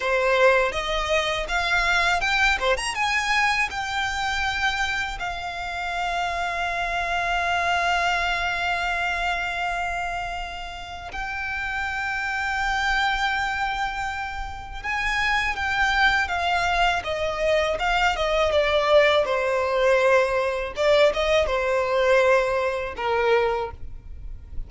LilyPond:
\new Staff \with { instrumentName = "violin" } { \time 4/4 \tempo 4 = 81 c''4 dis''4 f''4 g''8 c''16 ais''16 | gis''4 g''2 f''4~ | f''1~ | f''2. g''4~ |
g''1 | gis''4 g''4 f''4 dis''4 | f''8 dis''8 d''4 c''2 | d''8 dis''8 c''2 ais'4 | }